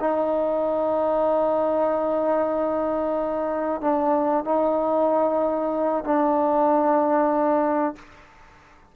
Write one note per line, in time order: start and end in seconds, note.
0.00 3.81 D#4
3.81 4.45 D4
4.45 6.04 D#4
6.04 7.96 D4